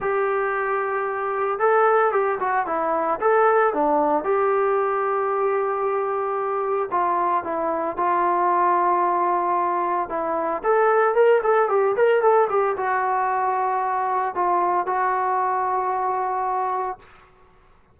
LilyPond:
\new Staff \with { instrumentName = "trombone" } { \time 4/4 \tempo 4 = 113 g'2. a'4 | g'8 fis'8 e'4 a'4 d'4 | g'1~ | g'4 f'4 e'4 f'4~ |
f'2. e'4 | a'4 ais'8 a'8 g'8 ais'8 a'8 g'8 | fis'2. f'4 | fis'1 | }